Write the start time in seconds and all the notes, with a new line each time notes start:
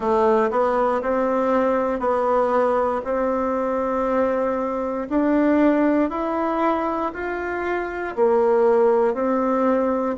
0.00 A3
0.50 B3
1.02 C4
1.99 B3
3.04 C4
5.09 D4
6.10 E4
7.13 F4
8.15 A#3
9.13 C4